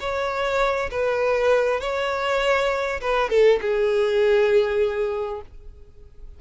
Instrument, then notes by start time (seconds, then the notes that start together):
violin
0.00 C#5
0.91 B4
1.80 C#5
3.01 B4
3.29 A4
3.61 G#4